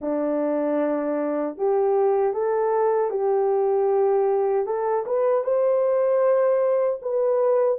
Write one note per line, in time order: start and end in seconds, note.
0.01 1.57 D4
1.57 2.33 G4
2.33 3.10 A4
3.10 4.65 G4
4.65 5.04 A4
5.06 5.44 B4
5.44 7.00 C5
7.01 7.79 B4